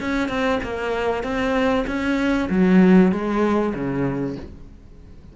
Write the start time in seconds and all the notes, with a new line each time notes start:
0.00 C#4
0.28 C4
0.63 A#3
1.23 C4
1.87 C#4
2.50 F#3
3.12 G#3
3.74 C#3